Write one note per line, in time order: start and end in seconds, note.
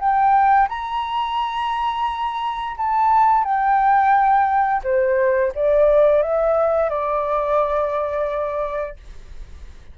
0.00 0.69 G5
0.70 2.76 A#5
2.77 3.45 A5
3.45 4.82 G5
4.84 5.53 C5
5.55 6.23 D5
6.23 6.90 E5
6.90 8.97 D5